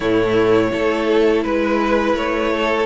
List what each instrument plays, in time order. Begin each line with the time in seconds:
0.00 cello A2, viola A3, violin E4 C#5
0.71 cello A3, viola E4, violin A4
1.43 cello G#3, violin B4
2.14 cello A3, violin C#5
2.53 violin A4